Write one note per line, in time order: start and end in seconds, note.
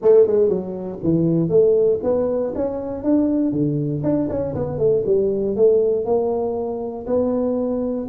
0.01 0.26 A3
0.26 0.48 G#3
0.48 0.99 F#3
1.03 1.49 E3
1.49 1.99 A3
2.03 2.53 B3
2.55 3.03 C#4
3.03 3.52 D4
3.52 4.02 D3
4.03 4.28 D4
4.29 4.54 C#4
4.54 4.78 B3
4.78 5.03 A3
5.06 5.56 G3
5.56 6.05 A3
6.05 7.06 A#3
7.06 8.07 B3